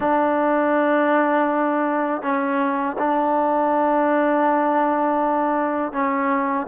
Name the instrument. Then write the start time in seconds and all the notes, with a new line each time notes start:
trombone
0.00 D4
2.22 C#4
2.98 D4
5.92 C#4